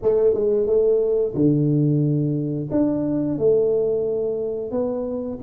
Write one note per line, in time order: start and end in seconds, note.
0.02 0.34 A3
0.34 0.66 G#3
0.66 1.34 A3
1.34 2.69 D3
2.71 3.38 D4
3.38 4.71 A3
4.71 5.38 B3